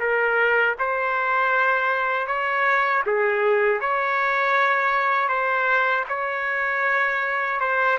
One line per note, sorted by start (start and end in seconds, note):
0.00 0.76 A#4
0.79 2.27 C5
2.27 3.03 C#5
3.07 3.81 G#4
3.81 5.29 C#5
5.29 6.05 C5
6.09 7.61 C#5
7.61 7.99 C5